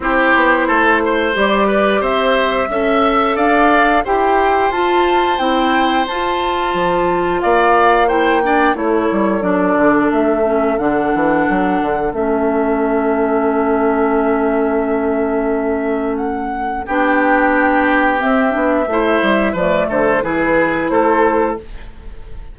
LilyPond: <<
  \new Staff \with { instrumentName = "flute" } { \time 4/4 \tempo 4 = 89 c''2 d''4 e''4~ | e''4 f''4 g''4 a''4 | g''4 a''2 f''4 | g''4 cis''4 d''4 e''4 |
fis''2 e''2~ | e''1 | fis''4 g''2 e''4~ | e''4 d''8 c''8 b'4 c''4 | }
  \new Staff \with { instrumentName = "oboe" } { \time 4/4 g'4 a'8 c''4 b'8 c''4 | e''4 d''4 c''2~ | c''2. d''4 | c''8 d''8 a'2.~ |
a'1~ | a'1~ | a'4 g'2. | c''4 b'8 a'8 gis'4 a'4 | }
  \new Staff \with { instrumentName = "clarinet" } { \time 4/4 e'2 g'2 | a'2 g'4 f'4 | e'4 f'2. | e'8 d'8 e'4 d'4. cis'8 |
d'2 cis'2~ | cis'1~ | cis'4 d'2 c'8 d'8 | e'4 a4 e'2 | }
  \new Staff \with { instrumentName = "bassoon" } { \time 4/4 c'8 b8 a4 g4 c'4 | cis'4 d'4 e'4 f'4 | c'4 f'4 f4 ais4~ | ais4 a8 g8 fis8 d8 a4 |
d8 e8 fis8 d8 a2~ | a1~ | a4 b2 c'8 b8 | a8 g8 f8 d8 e4 a4 | }
>>